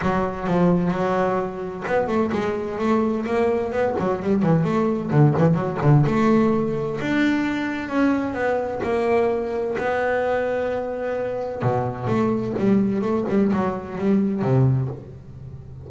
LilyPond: \new Staff \with { instrumentName = "double bass" } { \time 4/4 \tempo 4 = 129 fis4 f4 fis2 | b8 a8 gis4 a4 ais4 | b8 fis8 g8 e8 a4 d8 e8 | fis8 d8 a2 d'4~ |
d'4 cis'4 b4 ais4~ | ais4 b2.~ | b4 b,4 a4 g4 | a8 g8 fis4 g4 c4 | }